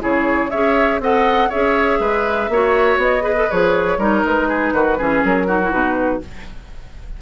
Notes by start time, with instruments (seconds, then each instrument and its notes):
0.00 bassoon C#3, clarinet E4, oboe G#4, flute C#5
0.50 bassoon C#4, clarinet G#4, oboe C#5, flute E5
0.99 bassoon C4, clarinet A4, oboe D#5, flute F#5
1.49 bassoon C#4, clarinet G#4, oboe C#5, flute E5
1.99 bassoon G#3, oboe B4
2.48 bassoon A#3, clarinet F#4, oboe C#5
2.98 bassoon B3, flute D#5
3.21 clarinet G#4, oboe B4
3.36 clarinet A4
3.51 bassoon F3, clarinet G#4, flute C#5
3.98 bassoon G3, clarinet D#4, oboe A#4
4.25 bassoon G#3, flute B4
4.48 oboe G#4
4.73 bassoon D#3, oboe F#4
4.98 bassoon E3, clarinet C#4, oboe G#4
5.24 bassoon F#3, flute A#4
5.47 clarinet D#4, oboe F#4
5.64 clarinet E4
5.71 bassoon B2, clarinet D#4, flute B4